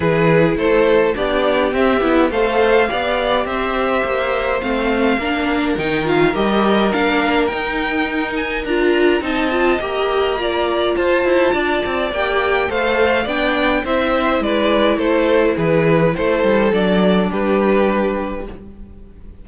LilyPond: <<
  \new Staff \with { instrumentName = "violin" } { \time 4/4 \tempo 4 = 104 b'4 c''4 d''4 e''4 | f''2 e''2 | f''2 g''8 f''8 dis''4 | f''4 g''4. gis''8 ais''4 |
a''4 ais''2 a''4~ | a''4 g''4 f''4 g''4 | e''4 d''4 c''4 b'4 | c''4 d''4 b'2 | }
  \new Staff \with { instrumentName = "violin" } { \time 4/4 gis'4 a'4 g'2 | c''4 d''4 c''2~ | c''4 ais'2.~ | ais'1 |
dis''2 d''4 c''4 | d''2 c''4 d''4 | c''4 b'4 a'4 gis'4 | a'2 g'2 | }
  \new Staff \with { instrumentName = "viola" } { \time 4/4 e'2 d'4 c'8 e'8 | a'4 g'2. | c'4 d'4 dis'8 f'8 g'4 | d'4 dis'2 f'4 |
dis'8 f'8 g'4 f'2~ | f'4 g'4 a'4 d'4 | e'1~ | e'4 d'2. | }
  \new Staff \with { instrumentName = "cello" } { \time 4/4 e4 a4 b4 c'8 b8 | a4 b4 c'4 ais4 | a4 ais4 dis4 g4 | ais4 dis'2 d'4 |
c'4 ais2 f'8 e'8 | d'8 c'8 ais4 a4 b4 | c'4 gis4 a4 e4 | a8 g8 fis4 g2 | }
>>